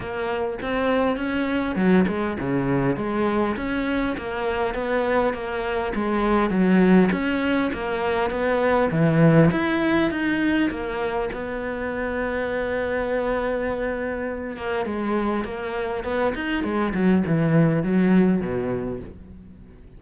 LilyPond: \new Staff \with { instrumentName = "cello" } { \time 4/4 \tempo 4 = 101 ais4 c'4 cis'4 fis8 gis8 | cis4 gis4 cis'4 ais4 | b4 ais4 gis4 fis4 | cis'4 ais4 b4 e4 |
e'4 dis'4 ais4 b4~ | b1~ | b8 ais8 gis4 ais4 b8 dis'8 | gis8 fis8 e4 fis4 b,4 | }